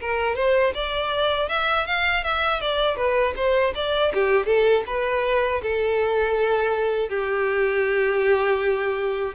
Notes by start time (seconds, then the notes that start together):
0.00 A#4
0.35 C5
0.74 D5
1.49 E5
1.86 F5
2.23 E5
2.60 D5
2.96 B4
3.36 C5
3.74 D5
4.14 G4
4.46 A4
4.86 B4
5.62 A4
7.09 G4